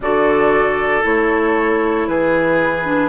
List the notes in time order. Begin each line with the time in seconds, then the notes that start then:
0.00 D3 F#4 A4 D5
1.02 A3 E4 C#5
2.07 E3 G#4 B4
2.84 D4